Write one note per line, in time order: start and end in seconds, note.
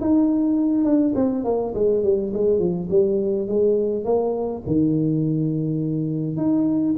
0.00 0.84 D#4
0.84 1.13 D4
1.15 1.44 C4
1.44 1.73 A#3
1.74 2.03 G#3
2.03 2.32 G3
2.33 2.59 G#3
2.59 2.88 F3
2.90 3.47 G3
3.47 4.04 G#3
4.04 4.62 A#3
4.66 6.37 D#3
6.37 6.95 D#4